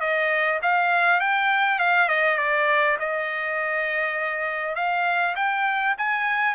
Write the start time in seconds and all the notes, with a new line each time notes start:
0.00 D#5
0.62 F5
1.20 G5
1.79 F5
2.09 D#5
2.38 D5
2.99 D#5
4.76 F5
5.36 G5
5.98 G#5